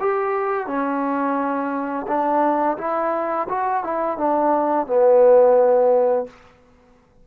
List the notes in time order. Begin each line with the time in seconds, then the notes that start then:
0.00 G4
0.67 C#4
2.07 D4
2.78 E4
3.49 F#4
3.84 E4
4.18 D4
4.87 B3